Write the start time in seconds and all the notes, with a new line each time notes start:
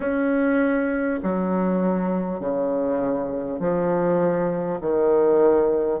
0.00 C#4
1.22 F#3
2.40 C#3
3.59 F3
4.81 D#3